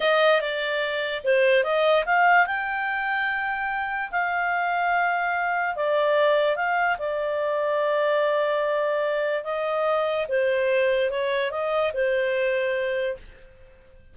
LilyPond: \new Staff \with { instrumentName = "clarinet" } { \time 4/4 \tempo 4 = 146 dis''4 d''2 c''4 | dis''4 f''4 g''2~ | g''2 f''2~ | f''2 d''2 |
f''4 d''2.~ | d''2. dis''4~ | dis''4 c''2 cis''4 | dis''4 c''2. | }